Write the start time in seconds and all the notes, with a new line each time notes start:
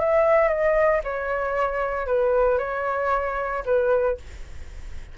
0.00 E5
0.48 D#5
1.04 C#5
2.07 B4
2.58 C#5
3.65 B4